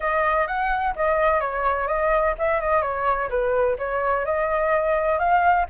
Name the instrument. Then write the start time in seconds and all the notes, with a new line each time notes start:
flute
0.00 D#5
0.47 F#5
0.95 D#5
1.40 C#5
1.87 D#5
2.38 E5
2.60 D#5
2.82 C#5
3.29 B4
3.78 C#5
4.25 D#5
5.18 F5